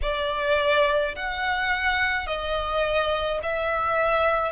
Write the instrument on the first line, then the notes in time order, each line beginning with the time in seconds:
violin
0.02 D5
1.15 F#5
2.26 D#5
3.43 E5